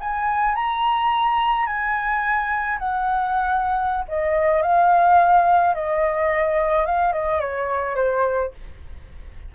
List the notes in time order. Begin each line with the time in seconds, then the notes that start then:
0.00 G#5
0.55 A#5
1.66 G#5
2.79 F#5
4.08 D#5
4.62 F5
5.75 D#5
6.86 F5
7.12 D#5
7.40 C#5
7.95 C5